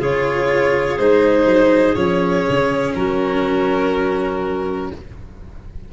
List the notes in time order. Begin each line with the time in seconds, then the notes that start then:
0.00 C#3 F4 G#4 C#5
0.98 G#3 D#4 C5
1.46 F#3
1.95 F3 C#4 C#5
2.50 C#3
2.95 F#3 F#4 A#4